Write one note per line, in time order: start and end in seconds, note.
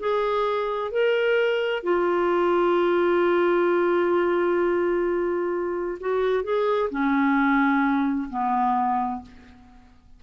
0.00 0.92 G#4
0.92 1.84 A#4
1.84 5.99 F4
6.01 6.44 F#4
6.44 6.90 G#4
6.91 8.30 C#4
8.30 9.22 B3